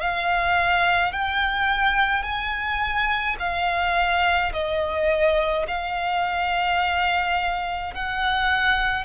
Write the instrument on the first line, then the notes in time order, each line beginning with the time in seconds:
violin
0.00 F5
1.13 G5
2.23 G#5
3.39 F5
4.53 D#5
5.68 F5
7.94 F#5